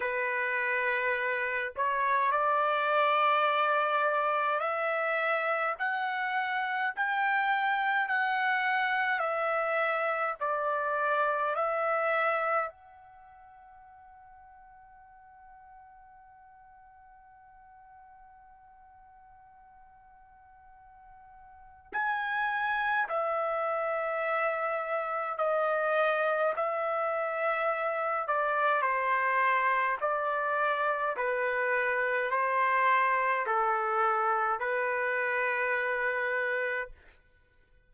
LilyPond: \new Staff \with { instrumentName = "trumpet" } { \time 4/4 \tempo 4 = 52 b'4. cis''8 d''2 | e''4 fis''4 g''4 fis''4 | e''4 d''4 e''4 fis''4~ | fis''1~ |
fis''2. gis''4 | e''2 dis''4 e''4~ | e''8 d''8 c''4 d''4 b'4 | c''4 a'4 b'2 | }